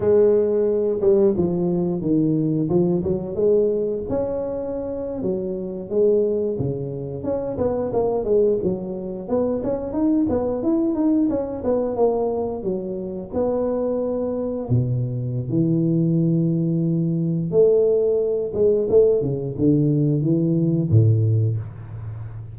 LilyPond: \new Staff \with { instrumentName = "tuba" } { \time 4/4 \tempo 4 = 89 gis4. g8 f4 dis4 | f8 fis8 gis4 cis'4.~ cis'16 fis16~ | fis8. gis4 cis4 cis'8 b8 ais16~ | ais16 gis8 fis4 b8 cis'8 dis'8 b8 e'16~ |
e'16 dis'8 cis'8 b8 ais4 fis4 b16~ | b4.~ b16 b,4~ b,16 e4~ | e2 a4. gis8 | a8 cis8 d4 e4 a,4 | }